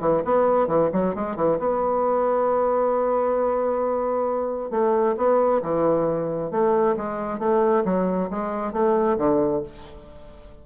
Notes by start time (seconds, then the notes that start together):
0.00 E3
0.24 B3
0.67 E3
0.93 F#3
1.15 G#3
1.36 E3
1.59 B3
4.70 A3
5.17 B3
5.62 E3
6.51 A3
6.96 G#3
7.39 A3
7.84 F#3
8.30 G#3
8.72 A3
9.18 D3